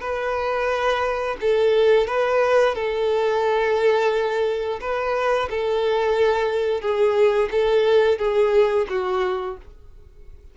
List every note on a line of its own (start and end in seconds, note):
0.00 1.36 B4
1.40 2.07 A4
2.07 2.75 B4
2.75 4.79 A4
4.80 5.49 B4
5.49 6.81 A4
6.81 7.49 G#4
7.51 8.18 A4
8.18 8.86 G#4
8.89 9.57 F#4